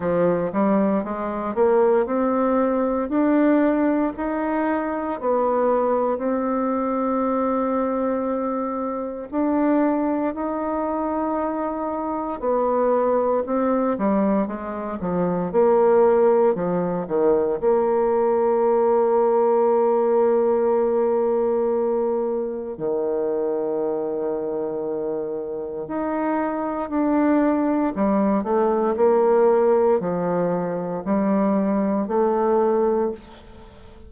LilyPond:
\new Staff \with { instrumentName = "bassoon" } { \time 4/4 \tempo 4 = 58 f8 g8 gis8 ais8 c'4 d'4 | dis'4 b4 c'2~ | c'4 d'4 dis'2 | b4 c'8 g8 gis8 f8 ais4 |
f8 dis8 ais2.~ | ais2 dis2~ | dis4 dis'4 d'4 g8 a8 | ais4 f4 g4 a4 | }